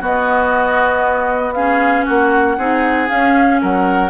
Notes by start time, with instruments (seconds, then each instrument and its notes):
0.00 clarinet B3, bassoon B3, oboe F#4, flute D#5
1.53 clarinet C#4, oboe G#4, flute F5
2.05 bassoon A#3, oboe F#4, flute F#5
2.57 bassoon C4, clarinet D#4, oboe G#4
3.07 clarinet C#4, bassoon C#4, flute F5
3.61 bassoon F#3, oboe A#4, flute F#5